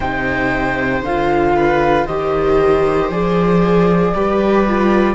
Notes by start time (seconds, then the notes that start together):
0.00 C3 D#4 C5 G5
1.02 D3 F4 F5
1.55 B4
2.05 D#3 G4 C5 D#5
3.10 F3 G#4 D5
4.14 G3 G4 B4
4.67 F4